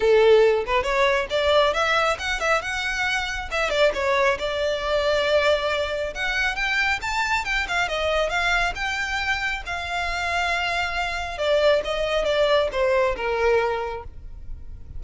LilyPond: \new Staff \with { instrumentName = "violin" } { \time 4/4 \tempo 4 = 137 a'4. b'8 cis''4 d''4 | e''4 fis''8 e''8 fis''2 | e''8 d''8 cis''4 d''2~ | d''2 fis''4 g''4 |
a''4 g''8 f''8 dis''4 f''4 | g''2 f''2~ | f''2 d''4 dis''4 | d''4 c''4 ais'2 | }